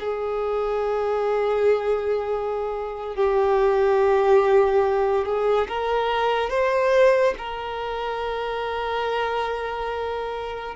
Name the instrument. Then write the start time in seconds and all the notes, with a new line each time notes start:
violin
0.00 G#4
3.16 G4
5.25 G#4
5.69 A#4
6.50 C5
7.38 A#4